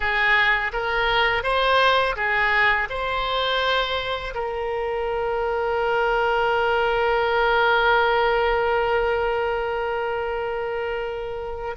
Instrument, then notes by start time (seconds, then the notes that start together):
oboe
0.00 G#4
0.73 A#4
1.43 C5
2.16 G#4
2.89 C5
4.34 A#4